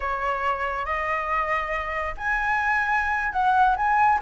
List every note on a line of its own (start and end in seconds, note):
0.00 0.85 C#5
0.85 2.14 D#5
2.17 3.32 G#5
3.32 3.75 F#5
3.76 4.19 G#5